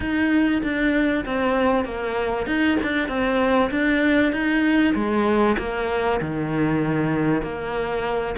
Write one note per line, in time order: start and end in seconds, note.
0.00 0.62 D#4
0.62 1.24 D4
1.25 1.84 C4
1.84 2.46 A#3
2.46 2.77 D#4
2.82 3.08 D4
3.08 3.70 C4
3.70 4.32 D4
4.32 4.94 D#4
4.94 5.56 G#3
5.58 6.20 A#3
6.21 7.42 D#3
7.42 8.35 A#3